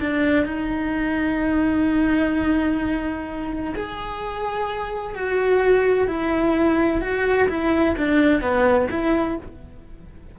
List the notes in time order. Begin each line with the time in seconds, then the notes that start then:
0.00 D4
0.46 D#4
3.75 G#4
5.15 F#4
6.07 E4
7.01 F#4
7.48 E4
7.97 D4
8.41 B3
8.90 E4